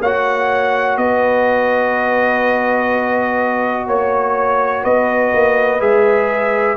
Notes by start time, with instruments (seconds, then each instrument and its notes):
0.00 tuba A#3, trombone F#4, horn C#5, trumpet F#5
0.97 tuba B3, horn B4, trumpet D#5
3.86 tuba A#3, horn C#5, trumpet C#5
4.83 tuba B3, horn B4, trumpet D#5
5.33 tuba A#3
5.80 tuba G#3, trombone G#4, trumpet E5